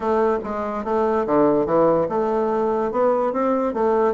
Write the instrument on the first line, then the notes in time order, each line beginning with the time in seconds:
bassoon
0.00 A3
0.43 G#3
0.84 A3
1.26 D3
1.66 E3
2.08 A3
2.91 B3
3.32 C4
3.73 A3